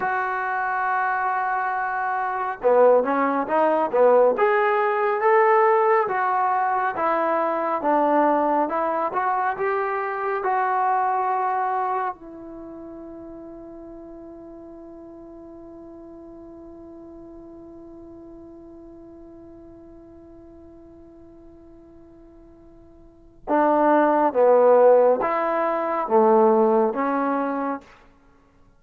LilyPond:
\new Staff \with { instrumentName = "trombone" } { \time 4/4 \tempo 4 = 69 fis'2. b8 cis'8 | dis'8 b8 gis'4 a'4 fis'4 | e'4 d'4 e'8 fis'8 g'4 | fis'2 e'2~ |
e'1~ | e'1~ | e'2. d'4 | b4 e'4 a4 cis'4 | }